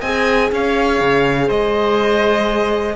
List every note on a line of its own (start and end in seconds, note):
0.00 0.51 C4
0.00 2.96 G#4
0.00 0.49 D#5
0.00 0.50 G#5
0.52 1.01 C#4
0.52 1.47 C#5
0.52 1.50 F5
1.01 1.50 C#3
1.47 2.96 G#3
1.47 2.95 C5
1.47 2.96 D#5